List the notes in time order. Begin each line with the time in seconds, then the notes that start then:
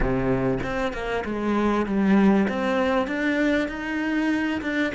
0.00 C3
0.63 C4
0.93 A#3
1.24 G#3
1.86 G3
2.48 C4
3.07 D4
3.68 D#4
4.61 D4